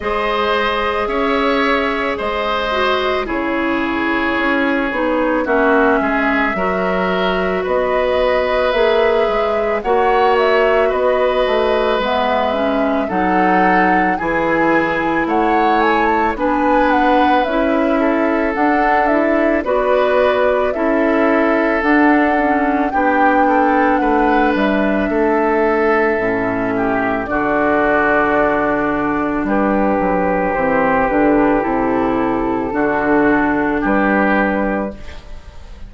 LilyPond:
<<
  \new Staff \with { instrumentName = "flute" } { \time 4/4 \tempo 4 = 55 dis''4 e''4 dis''4 cis''4~ | cis''4 e''2 dis''4 | e''4 fis''8 e''8 dis''4 e''4 | fis''4 gis''4 fis''8 gis''16 a''16 gis''8 fis''8 |
e''4 fis''8 e''8 d''4 e''4 | fis''4 g''4 fis''8 e''4.~ | e''4 d''2 b'4 | c''8 b'8 a'2 b'4 | }
  \new Staff \with { instrumentName = "oboe" } { \time 4/4 c''4 cis''4 c''4 gis'4~ | gis'4 fis'8 gis'8 ais'4 b'4~ | b'4 cis''4 b'2 | a'4 gis'4 cis''4 b'4~ |
b'8 a'4. b'4 a'4~ | a'4 g'8 a'8 b'4 a'4~ | a'8 g'8 fis'2 g'4~ | g'2 fis'4 g'4 | }
  \new Staff \with { instrumentName = "clarinet" } { \time 4/4 gis'2~ gis'8 fis'8 e'4~ | e'8 dis'8 cis'4 fis'2 | gis'4 fis'2 b8 cis'8 | dis'4 e'2 d'4 |
e'4 d'8 e'8 fis'4 e'4 | d'8 cis'8 d'2. | cis'4 d'2. | c'8 d'8 e'4 d'2 | }
  \new Staff \with { instrumentName = "bassoon" } { \time 4/4 gis4 cis'4 gis4 cis4 | cis'8 b8 ais8 gis8 fis4 b4 | ais8 gis8 ais4 b8 a8 gis4 | fis4 e4 a4 b4 |
cis'4 d'4 b4 cis'4 | d'4 b4 a8 g8 a4 | a,4 d2 g8 fis8 | e8 d8 c4 d4 g4 | }
>>